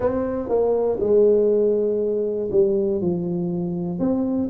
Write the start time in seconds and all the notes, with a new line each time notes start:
0.00 C4
0.48 A#3
1.00 G#3
2.50 G3
3.00 F3
3.99 C4